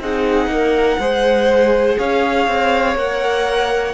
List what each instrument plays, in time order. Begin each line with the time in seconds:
0.00 cello C4, viola D#4, violin G#4 F#5
0.47 cello A#3, violin A#4
0.99 cello G#3, viola G#4, violin C5
1.98 cello C#4, violin C#5 F5
2.48 cello C4
2.96 cello A#3, viola A#4, violin F#5